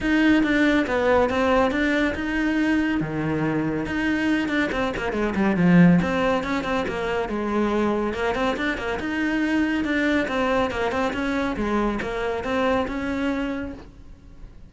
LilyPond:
\new Staff \with { instrumentName = "cello" } { \time 4/4 \tempo 4 = 140 dis'4 d'4 b4 c'4 | d'4 dis'2 dis4~ | dis4 dis'4. d'8 c'8 ais8 | gis8 g8 f4 c'4 cis'8 c'8 |
ais4 gis2 ais8 c'8 | d'8 ais8 dis'2 d'4 | c'4 ais8 c'8 cis'4 gis4 | ais4 c'4 cis'2 | }